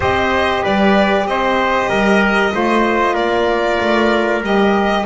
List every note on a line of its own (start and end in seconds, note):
0.00 0.63 C4
0.00 2.51 G4
0.00 0.62 C5
0.00 0.64 D#5
0.62 1.25 G3
0.62 1.25 B4
0.62 1.27 D5
1.25 1.88 C4
1.25 1.89 C5
1.25 3.15 D#5
1.89 2.52 G3
1.89 2.52 A#4
2.51 3.16 A3
2.51 4.41 F4
2.51 3.13 C5
3.13 3.79 A#3
3.13 5.02 A#4
3.13 4.42 D5
3.80 4.41 A3
4.41 5.04 G3
4.41 5.05 G4
4.41 5.05 D#5